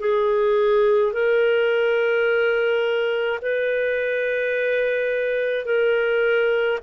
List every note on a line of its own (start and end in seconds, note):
0.00 1.13 G#4
1.13 3.40 A#4
3.42 5.66 B4
5.66 6.79 A#4